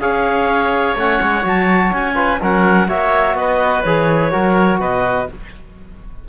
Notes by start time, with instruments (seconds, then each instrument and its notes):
0.00 cello C#4, trombone G#4, oboe C#5, clarinet F5
0.95 cello A3, trombone C#4, clarinet F#5
1.21 cello G#3
1.42 cello F#3, trombone F#4, clarinet A5
1.92 cello C#4, clarinet G#5
2.14 trombone F4, oboe B4
2.41 cello F#3, trombone C#4, oboe A#4, clarinet F#5
2.88 cello A#3, trombone F#4, oboe C#5, clarinet E5
3.34 cello B3, oboe B4, clarinet D#5
3.83 cello E3, trombone G#4, clarinet C#5
4.30 cello F#3, trombone F#4, oboe A#4
4.80 cello B2, oboe B4, clarinet D#5